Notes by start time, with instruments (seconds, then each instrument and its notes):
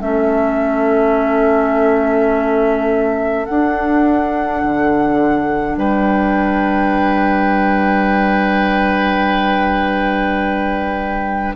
0.00 bassoon A3, clarinet C#4, oboe A4, flute E5
3.45 clarinet D4, bassoon D4, flute F#5
4.64 bassoon D3
5.76 bassoon G3, oboe B4, flute G5